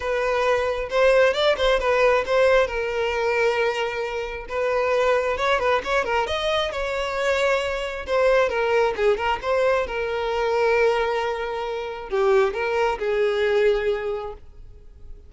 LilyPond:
\new Staff \with { instrumentName = "violin" } { \time 4/4 \tempo 4 = 134 b'2 c''4 d''8 c''8 | b'4 c''4 ais'2~ | ais'2 b'2 | cis''8 b'8 cis''8 ais'8 dis''4 cis''4~ |
cis''2 c''4 ais'4 | gis'8 ais'8 c''4 ais'2~ | ais'2. g'4 | ais'4 gis'2. | }